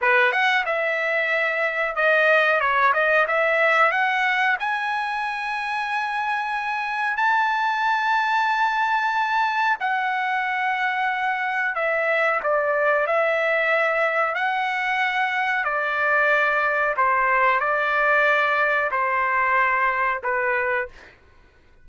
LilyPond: \new Staff \with { instrumentName = "trumpet" } { \time 4/4 \tempo 4 = 92 b'8 fis''8 e''2 dis''4 | cis''8 dis''8 e''4 fis''4 gis''4~ | gis''2. a''4~ | a''2. fis''4~ |
fis''2 e''4 d''4 | e''2 fis''2 | d''2 c''4 d''4~ | d''4 c''2 b'4 | }